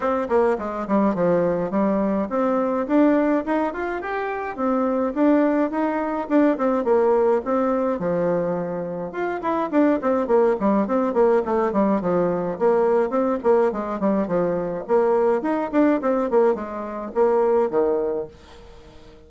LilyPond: \new Staff \with { instrumentName = "bassoon" } { \time 4/4 \tempo 4 = 105 c'8 ais8 gis8 g8 f4 g4 | c'4 d'4 dis'8 f'8 g'4 | c'4 d'4 dis'4 d'8 c'8 | ais4 c'4 f2 |
f'8 e'8 d'8 c'8 ais8 g8 c'8 ais8 | a8 g8 f4 ais4 c'8 ais8 | gis8 g8 f4 ais4 dis'8 d'8 | c'8 ais8 gis4 ais4 dis4 | }